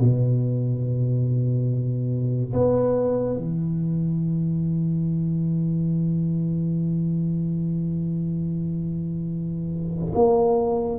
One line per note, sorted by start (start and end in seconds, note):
0.00 2.54 B2
2.54 3.37 B3
3.37 10.13 E3
10.15 10.99 A#3